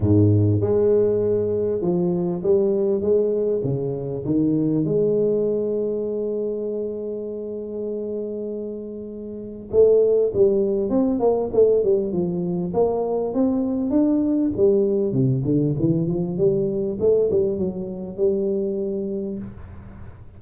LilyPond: \new Staff \with { instrumentName = "tuba" } { \time 4/4 \tempo 4 = 99 gis,4 gis2 f4 | g4 gis4 cis4 dis4 | gis1~ | gis1 |
a4 g4 c'8 ais8 a8 g8 | f4 ais4 c'4 d'4 | g4 c8 d8 e8 f8 g4 | a8 g8 fis4 g2 | }